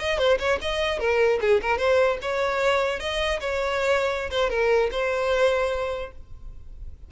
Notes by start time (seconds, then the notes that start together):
0.00 D#5
0.18 C5
0.39 C#5
0.62 D#5
0.99 A#4
1.41 G#4
1.62 A#4
1.78 C5
2.22 C#5
3.00 D#5
3.40 C#5
4.31 C5
4.50 A#4
4.92 C5